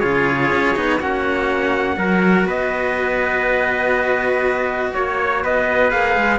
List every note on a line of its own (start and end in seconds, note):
0.00 0.51 C#3
0.00 0.75 F4
0.00 0.98 G#4
0.00 0.99 C#5
0.51 0.76 C#4
0.75 1.01 B3
0.75 1.00 D#4
0.99 1.97 A#3
0.99 1.96 C#4
0.99 1.97 F#4
0.99 2.48 F#5
1.96 2.45 F#3
1.96 5.89 F#4
1.96 2.47 A#4
2.45 4.91 B3
2.45 4.93 B4
2.45 4.94 D#5
4.94 5.44 A#3
4.94 5.43 C#5
5.43 5.92 B3
5.43 6.38 B4
5.43 5.91 D#5
5.90 6.16 A#3
5.90 6.38 G#4
5.90 6.38 F5
6.16 6.38 G#3